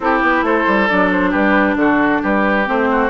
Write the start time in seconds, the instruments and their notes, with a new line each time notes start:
0.00 bassoon C4, clarinet E4, oboe G4, flute A4
0.22 bassoon B3, flute B4
0.41 bassoon A3, oboe A4, flute C5
0.67 bassoon G3
0.88 bassoon F#3, clarinet D4, flute D5
1.11 flute C5
1.30 bassoon G3, oboe G4, flute B4
1.75 bassoon D3, oboe F#4, flute A4
2.22 bassoon G3, oboe G4, flute B4
2.66 bassoon A3, clarinet C4, flute C5
2.91 oboe F#4